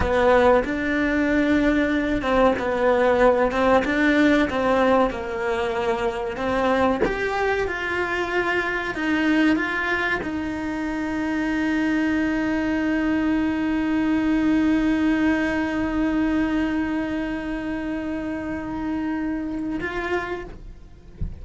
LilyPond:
\new Staff \with { instrumentName = "cello" } { \time 4/4 \tempo 4 = 94 b4 d'2~ d'8 c'8 | b4. c'8 d'4 c'4 | ais2 c'4 g'4 | f'2 dis'4 f'4 |
dis'1~ | dis'1~ | dis'1~ | dis'2. f'4 | }